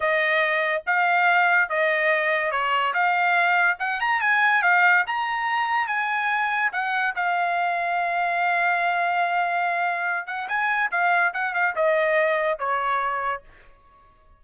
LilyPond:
\new Staff \with { instrumentName = "trumpet" } { \time 4/4 \tempo 4 = 143 dis''2 f''2 | dis''2 cis''4 f''4~ | f''4 fis''8 ais''8 gis''4 f''4 | ais''2 gis''2 |
fis''4 f''2.~ | f''1~ | f''8 fis''8 gis''4 f''4 fis''8 f''8 | dis''2 cis''2 | }